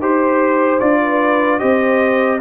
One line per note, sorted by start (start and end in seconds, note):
0.00 0.80 D#4
0.00 0.80 G4
0.00 1.01 C5
0.00 0.80 C5
0.80 1.61 D4
0.80 1.60 F4
0.80 1.60 D5
1.01 1.60 B4
1.60 2.41 C4
1.60 2.40 G4
1.60 2.40 C5
1.60 2.40 D#5